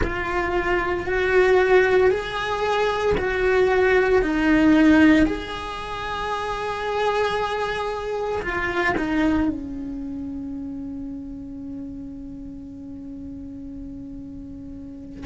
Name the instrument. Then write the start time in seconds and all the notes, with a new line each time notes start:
cello
0.02 F4
1.07 F#4
2.10 G#4
3.17 F#4
4.22 D#4
5.25 G#4
8.42 F4
8.97 D#4
9.48 C#4